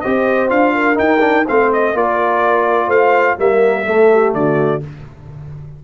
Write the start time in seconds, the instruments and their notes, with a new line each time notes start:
0.00 tuba C4, trombone G4, horn C5, trumpet D#5
0.48 tuba D4, trombone F4, trumpet F5
0.74 horn A#4
0.94 trombone D#4, tuba D#4, trumpet G5
1.20 trombone D4
1.46 tuba A3, trombone C4, horn C5, trumpet F5
1.72 trumpet D#5
1.94 tuba A#3, trombone F4, horn A#4, trumpet D5
2.87 tuba A3, horn C5, trumpet F5
3.38 tuba G3, trombone A#3, horn A#4, trumpet E5
3.85 trombone A3, tuba A3, horn A4
4.12 horn G4
4.33 tuba D3, horn F#4, trumpet D5